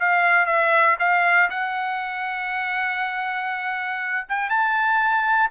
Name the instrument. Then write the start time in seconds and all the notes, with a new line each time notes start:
trumpet
0.00 F5
0.47 E5
1.00 F5
1.50 F#5
4.29 G5
4.50 A5